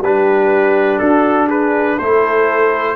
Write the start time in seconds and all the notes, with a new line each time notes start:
0.00 G3 D4 G4 B4
0.98 D4 F#4 A4
1.47 G#4 B4
1.97 A3 E4 A4 C5